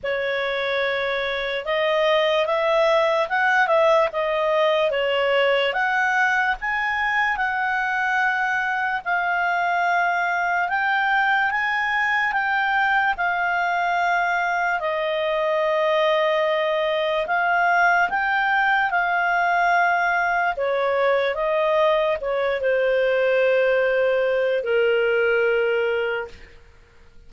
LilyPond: \new Staff \with { instrumentName = "clarinet" } { \time 4/4 \tempo 4 = 73 cis''2 dis''4 e''4 | fis''8 e''8 dis''4 cis''4 fis''4 | gis''4 fis''2 f''4~ | f''4 g''4 gis''4 g''4 |
f''2 dis''2~ | dis''4 f''4 g''4 f''4~ | f''4 cis''4 dis''4 cis''8 c''8~ | c''2 ais'2 | }